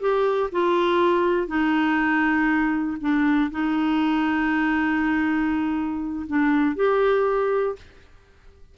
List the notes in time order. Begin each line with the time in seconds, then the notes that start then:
0.00 G4
0.52 F4
1.47 D#4
3.00 D4
3.51 D#4
6.27 D4
6.76 G4